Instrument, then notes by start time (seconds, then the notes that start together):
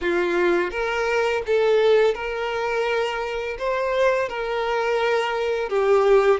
violin
0.01 F4
0.70 A#4
1.46 A4
2.14 A#4
3.58 C5
4.28 A#4
5.69 G4